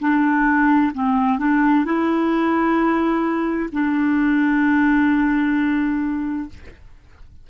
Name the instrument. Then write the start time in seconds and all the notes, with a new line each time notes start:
clarinet
0.00 D4
0.94 C4
1.39 D4
1.85 E4
3.73 D4